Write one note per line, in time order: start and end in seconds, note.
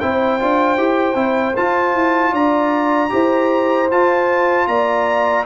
0.00 0.41 C4
0.00 0.40 E4
0.00 2.32 C5
0.00 1.56 G5
0.40 0.77 D4
0.40 0.78 F4
0.77 1.15 E4
0.77 1.15 G4
1.15 1.54 C4
1.15 1.54 E4
1.56 3.10 F4
1.56 1.94 F4
1.56 2.34 A5
1.94 2.33 E4
2.32 3.11 D4
2.32 3.10 D5
2.32 3.90 A#5
3.10 3.91 E4
3.10 3.87 G4
3.10 4.69 C5
3.91 5.46 F4
3.91 4.68 F4
3.91 4.68 A5
4.68 5.45 A#3
4.68 5.46 D5
4.68 5.45 A#5